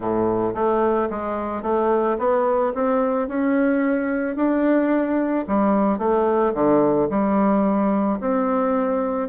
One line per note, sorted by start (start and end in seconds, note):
0.00 0.54 A2
0.54 1.09 A3
1.09 1.62 G#3
1.62 2.17 A3
2.18 2.73 B3
2.74 3.28 C4
3.28 4.35 C#4
4.35 5.44 D4
5.47 5.98 G3
5.98 6.53 A3
6.54 7.08 D3
7.10 8.19 G3
8.20 9.28 C4